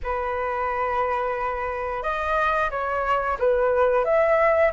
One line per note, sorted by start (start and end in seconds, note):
0.03 2.02 B4
2.02 2.70 D#5
2.70 3.37 C#5
3.39 4.04 B4
4.04 4.72 E5